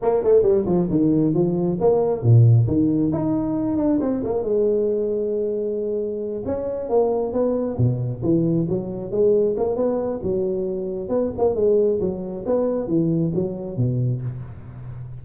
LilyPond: \new Staff \with { instrumentName = "tuba" } { \time 4/4 \tempo 4 = 135 ais8 a8 g8 f8 dis4 f4 | ais4 ais,4 dis4 dis'4~ | dis'8 d'8 c'8 ais8 gis2~ | gis2~ gis8 cis'4 ais8~ |
ais8 b4 b,4 e4 fis8~ | fis8 gis4 ais8 b4 fis4~ | fis4 b8 ais8 gis4 fis4 | b4 e4 fis4 b,4 | }